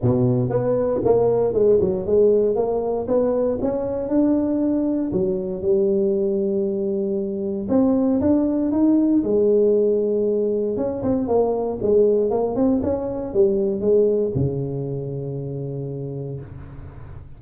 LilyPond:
\new Staff \with { instrumentName = "tuba" } { \time 4/4 \tempo 4 = 117 b,4 b4 ais4 gis8 fis8 | gis4 ais4 b4 cis'4 | d'2 fis4 g4~ | g2. c'4 |
d'4 dis'4 gis2~ | gis4 cis'8 c'8 ais4 gis4 | ais8 c'8 cis'4 g4 gis4 | cis1 | }